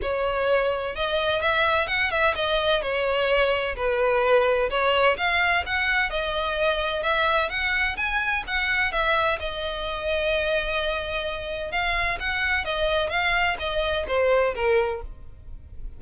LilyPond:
\new Staff \with { instrumentName = "violin" } { \time 4/4 \tempo 4 = 128 cis''2 dis''4 e''4 | fis''8 e''8 dis''4 cis''2 | b'2 cis''4 f''4 | fis''4 dis''2 e''4 |
fis''4 gis''4 fis''4 e''4 | dis''1~ | dis''4 f''4 fis''4 dis''4 | f''4 dis''4 c''4 ais'4 | }